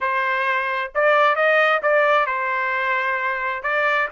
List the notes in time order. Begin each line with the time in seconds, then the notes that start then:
0.01 C5
0.94 D5
1.35 D#5
1.82 D5
2.26 C5
3.62 D5